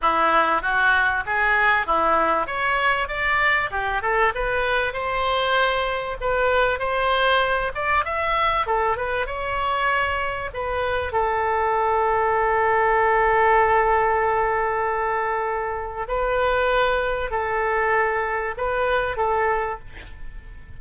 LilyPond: \new Staff \with { instrumentName = "oboe" } { \time 4/4 \tempo 4 = 97 e'4 fis'4 gis'4 e'4 | cis''4 d''4 g'8 a'8 b'4 | c''2 b'4 c''4~ | c''8 d''8 e''4 a'8 b'8 cis''4~ |
cis''4 b'4 a'2~ | a'1~ | a'2 b'2 | a'2 b'4 a'4 | }